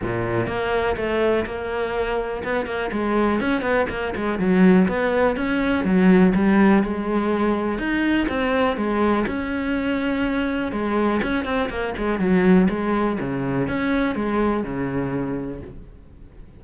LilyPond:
\new Staff \with { instrumentName = "cello" } { \time 4/4 \tempo 4 = 123 ais,4 ais4 a4 ais4~ | ais4 b8 ais8 gis4 cis'8 b8 | ais8 gis8 fis4 b4 cis'4 | fis4 g4 gis2 |
dis'4 c'4 gis4 cis'4~ | cis'2 gis4 cis'8 c'8 | ais8 gis8 fis4 gis4 cis4 | cis'4 gis4 cis2 | }